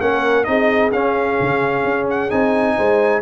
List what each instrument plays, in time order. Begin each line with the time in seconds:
0.00 tuba A#3, trombone C#4, horn A#4, trumpet F#5
0.44 tuba C4, trombone D#4, horn G#4, trumpet D#5
0.91 tuba C#4, trombone C#4, trumpet F5
1.40 tuba C#3
1.84 tuba C#4
2.10 trumpet F#5
2.29 tuba C4, trombone D#4, trumpet G#5
2.76 tuba G#3, horn C5